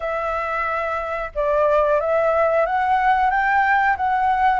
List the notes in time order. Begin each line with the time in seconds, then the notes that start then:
0.00 E5
1.34 D5
2.00 E5
2.66 F#5
3.30 G5
3.97 F#5